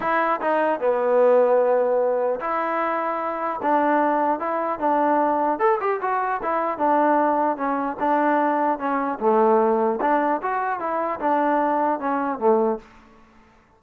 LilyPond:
\new Staff \with { instrumentName = "trombone" } { \time 4/4 \tempo 4 = 150 e'4 dis'4 b2~ | b2 e'2~ | e'4 d'2 e'4 | d'2 a'8 g'8 fis'4 |
e'4 d'2 cis'4 | d'2 cis'4 a4~ | a4 d'4 fis'4 e'4 | d'2 cis'4 a4 | }